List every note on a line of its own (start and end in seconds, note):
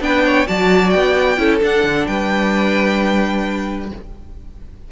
0.00 0.46 B3
0.00 0.46 D4
0.00 0.25 B4
0.00 0.47 G5
0.25 0.48 C#5
0.47 0.94 F#3
0.47 1.37 F#4
0.47 1.39 D5
0.47 0.90 A5
0.90 1.38 B3
0.90 1.58 G5
1.37 1.61 C#4
1.37 1.60 E4
1.37 2.07 A4
1.60 3.89 D4
1.60 1.83 D4
1.60 2.06 F#5
1.83 2.06 D3
2.06 3.91 G3
2.06 3.91 B4
2.06 3.89 G5